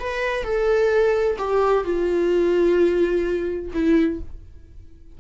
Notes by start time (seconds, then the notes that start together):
0.00 B4
0.43 A4
1.38 G4
1.84 F4
3.74 E4